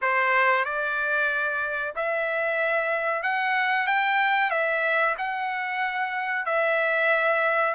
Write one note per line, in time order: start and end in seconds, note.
0.01 0.65 C5
0.65 1.94 D5
1.95 3.23 E5
3.23 3.87 F#5
3.87 4.50 G5
4.50 5.15 E5
5.18 6.45 F#5
6.45 7.74 E5